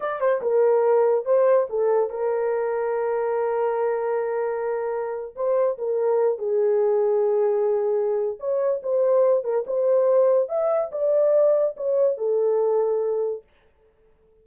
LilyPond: \new Staff \with { instrumentName = "horn" } { \time 4/4 \tempo 4 = 143 d''8 c''8 ais'2 c''4 | a'4 ais'2.~ | ais'1~ | ais'8. c''4 ais'4. gis'8.~ |
gis'1 | cis''4 c''4. ais'8 c''4~ | c''4 e''4 d''2 | cis''4 a'2. | }